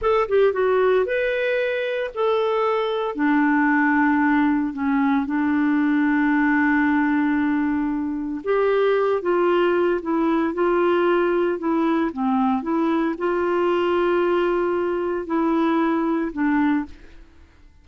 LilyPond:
\new Staff \with { instrumentName = "clarinet" } { \time 4/4 \tempo 4 = 114 a'8 g'8 fis'4 b'2 | a'2 d'2~ | d'4 cis'4 d'2~ | d'1 |
g'4. f'4. e'4 | f'2 e'4 c'4 | e'4 f'2.~ | f'4 e'2 d'4 | }